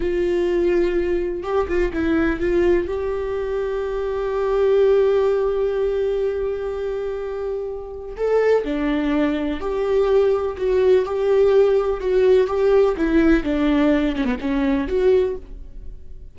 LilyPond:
\new Staff \with { instrumentName = "viola" } { \time 4/4 \tempo 4 = 125 f'2. g'8 f'8 | e'4 f'4 g'2~ | g'1~ | g'1~ |
g'4 a'4 d'2 | g'2 fis'4 g'4~ | g'4 fis'4 g'4 e'4 | d'4. cis'16 b16 cis'4 fis'4 | }